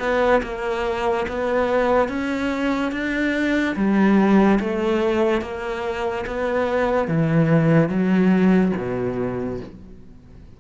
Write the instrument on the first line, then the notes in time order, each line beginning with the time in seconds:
cello
0.00 B3
0.44 A#3
1.28 B3
2.09 C#4
2.92 D4
3.76 G3
4.60 A3
5.42 A#3
6.27 B3
7.08 E3
7.89 F#3
8.77 B2